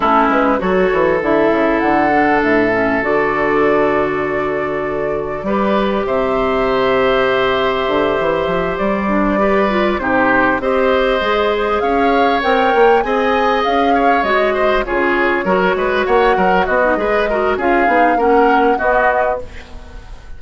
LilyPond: <<
  \new Staff \with { instrumentName = "flute" } { \time 4/4 \tempo 4 = 99 a'8 b'8 cis''4 e''4 fis''4 | e''4 d''2.~ | d''2 e''2~ | e''2~ e''8 d''4.~ |
d''8 c''4 dis''2 f''8~ | f''8 g''4 gis''4 f''4 dis''8~ | dis''8 cis''2 fis''4 dis''8~ | dis''4 f''4 fis''4 dis''4 | }
  \new Staff \with { instrumentName = "oboe" } { \time 4/4 e'4 a'2.~ | a'1~ | a'4 b'4 c''2~ | c''2.~ c''8 b'8~ |
b'8 g'4 c''2 cis''8~ | cis''4. dis''4. cis''4 | c''8 gis'4 ais'8 b'8 cis''8 ais'8 fis'8 | b'8 ais'8 gis'4 ais'4 fis'4 | }
  \new Staff \with { instrumentName = "clarinet" } { \time 4/4 cis'4 fis'4 e'4. d'8~ | d'8 cis'8 fis'2.~ | fis'4 g'2.~ | g'2. d'8 g'8 |
f'8 dis'4 g'4 gis'4.~ | gis'8 ais'4 gis'2 fis'8~ | fis'8 f'4 fis'2~ fis'16 dis'16 | gis'8 fis'8 f'8 dis'8 cis'4 b4 | }
  \new Staff \with { instrumentName = "bassoon" } { \time 4/4 a8 gis8 fis8 e8 d8 cis8 d4 | a,4 d2.~ | d4 g4 c2~ | c4 d8 e8 f8 g4.~ |
g8 c4 c'4 gis4 cis'8~ | cis'8 c'8 ais8 c'4 cis'4 gis8~ | gis8 cis4 fis8 gis8 ais8 fis8 b8 | gis4 cis'8 b8 ais4 b4 | }
>>